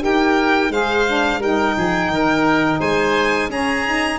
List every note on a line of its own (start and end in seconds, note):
0.00 0.70 D#4
0.00 0.70 G4
0.00 0.72 A#4
0.00 0.73 G5
0.70 1.40 G#3
0.70 1.06 G#4
0.70 1.40 C5
0.70 1.42 F5
1.07 1.42 D4
1.40 1.74 G3
1.40 3.51 D#4
1.40 1.75 A#4
1.40 2.81 G5
1.77 2.09 F3
1.77 2.12 G#4
2.09 2.79 D#3
2.09 2.80 A#4
2.80 3.50 G#3
2.80 3.50 C5
2.80 3.50 G#5
3.50 4.19 C#4
3.50 3.86 C#4
3.50 4.19 G#4
3.50 4.19 A#5
3.86 4.19 D#4